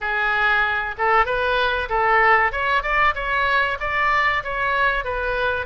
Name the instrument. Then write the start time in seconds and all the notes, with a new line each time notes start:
oboe
0.00 G#4
0.98 A4
1.25 B4
1.89 A4
2.51 C#5
2.82 D5
3.14 C#5
3.80 D5
4.43 C#5
5.04 B4